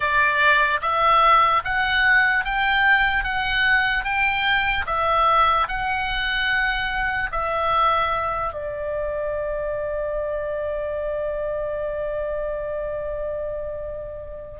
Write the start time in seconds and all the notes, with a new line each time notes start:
0.00 D5
0.81 E5
1.64 F#5
2.44 G5
3.24 F#5
4.04 G5
4.86 E5
5.68 F#5
7.31 E5
8.53 D5